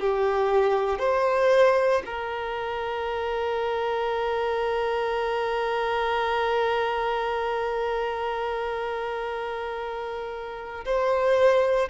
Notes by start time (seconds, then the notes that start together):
0.00 G4
0.99 C5
2.05 A#4
10.85 C5